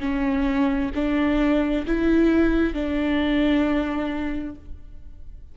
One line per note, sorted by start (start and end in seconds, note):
0.00 0.91 C#4
0.95 1.86 D4
1.87 2.74 E4
2.74 4.56 D4